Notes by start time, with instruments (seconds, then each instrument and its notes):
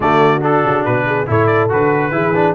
0.00 tuba D3, trombone A3, horn F#4, trumpet D5
0.40 trombone D4, trumpet A4
0.64 tuba C#3
0.84 tuba B2, trumpet B4
1.06 horn G#4
1.26 tuba A2, trombone E4, horn A4, trumpet C#5
1.46 trumpet D5
1.69 tuba D3, trombone F#4, trumpet B4
2.11 tuba E3, trombone E4, horn G#4
2.34 trombone D4